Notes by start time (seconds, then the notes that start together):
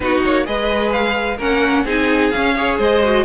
0.00 B3 D#4 F#4 B4
0.24 A#3 C#5
0.44 G#3 G#4 B4 D#5
0.92 F5
1.36 A#3 C#4 A#4 F#5
1.84 C4 D#4 G#4 G#5
2.30 C#4 F5
2.36 C#4
2.55 G#4 C#5
2.78 G#3 C5 D#5
3.03 F#4